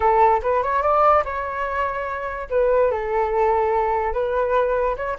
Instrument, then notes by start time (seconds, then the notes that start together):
flute
0.00 A4
0.42 B4
0.62 C#5
0.82 D5
1.24 C#5
2.50 B4
2.91 A4
4.13 B4
4.96 C#5